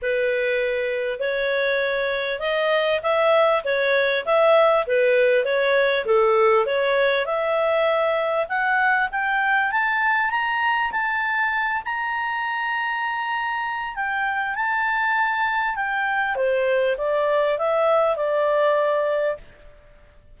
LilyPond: \new Staff \with { instrumentName = "clarinet" } { \time 4/4 \tempo 4 = 99 b'2 cis''2 | dis''4 e''4 cis''4 e''4 | b'4 cis''4 a'4 cis''4 | e''2 fis''4 g''4 |
a''4 ais''4 a''4. ais''8~ | ais''2. g''4 | a''2 g''4 c''4 | d''4 e''4 d''2 | }